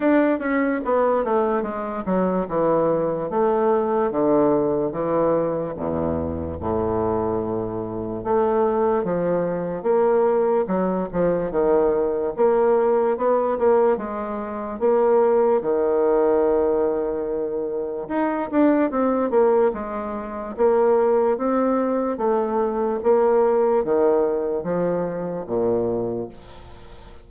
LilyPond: \new Staff \with { instrumentName = "bassoon" } { \time 4/4 \tempo 4 = 73 d'8 cis'8 b8 a8 gis8 fis8 e4 | a4 d4 e4 e,4 | a,2 a4 f4 | ais4 fis8 f8 dis4 ais4 |
b8 ais8 gis4 ais4 dis4~ | dis2 dis'8 d'8 c'8 ais8 | gis4 ais4 c'4 a4 | ais4 dis4 f4 ais,4 | }